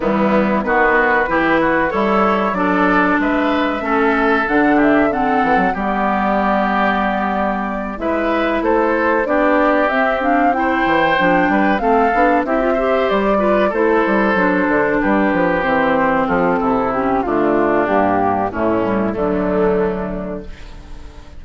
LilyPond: <<
  \new Staff \with { instrumentName = "flute" } { \time 4/4 \tempo 4 = 94 e'4 b'2 cis''4 | d''4 e''2 fis''8 e''8 | fis''4 d''2.~ | d''8 e''4 c''4 d''4 e''8 |
f''8 g''2 f''4 e''8~ | e''8 d''4 c''2 b'8~ | b'8 c''4 a'4 g'8 f'4 | g'4 e'4 d'2 | }
  \new Staff \with { instrumentName = "oboe" } { \time 4/4 b4 fis'4 g'8 fis'8 e'4 | a'4 b'4 a'4. g'8 | a'4 g'2.~ | g'8 b'4 a'4 g'4.~ |
g'8 c''4. b'8 a'4 g'8 | c''4 b'8 a'2 g'8~ | g'4. f'8 e'4 d'4~ | d'4 cis'4 a2 | }
  \new Staff \with { instrumentName = "clarinet" } { \time 4/4 g4 b4 e'4 a'4 | d'2 cis'4 d'4 | c'4 b2.~ | b8 e'2 d'4 c'8 |
d'8 e'4 d'4 c'8 d'8 e'16 f'16 | g'4 f'8 e'4 d'4.~ | d'8 c'2 cis'8 a4 | ais4 a8 g8 fis2 | }
  \new Staff \with { instrumentName = "bassoon" } { \time 4/4 e4 dis4 e4 g4 | fis4 gis4 a4 d4~ | d8 e16 fis16 g2.~ | g8 gis4 a4 b4 c'8~ |
c'4 e8 f8 g8 a8 b8 c'8~ | c'8 g4 a8 g8 fis8 d8 g8 | f8 e4 f8 c4 d4 | g,4 a,4 d2 | }
>>